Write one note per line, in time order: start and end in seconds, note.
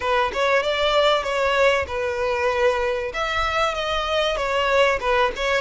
0.00 0.31 B4
0.33 0.62 C#5
0.62 1.23 D5
1.23 1.85 C#5
1.87 3.12 B4
3.13 3.74 E5
3.74 4.36 D#5
4.36 4.99 C#5
5.00 5.31 B4
5.36 5.61 C#5